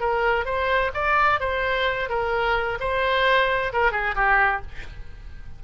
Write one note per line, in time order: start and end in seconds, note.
0.00 0.45 A#4
0.45 0.91 C5
0.94 1.40 D5
1.40 2.09 C5
2.09 2.78 A#4
2.80 3.72 C5
3.73 3.92 A#4
3.92 4.15 G#4
4.15 4.61 G4